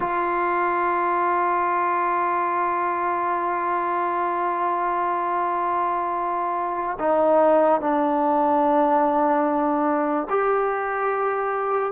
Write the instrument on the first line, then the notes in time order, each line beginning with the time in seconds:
trombone
0.00 F4
6.99 D#4
7.80 D4
10.29 G4